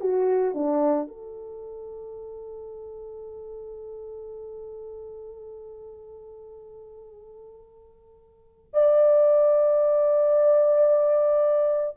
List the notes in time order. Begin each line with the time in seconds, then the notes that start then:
0.00 F#4
0.54 D4
1.07 A4
8.73 D5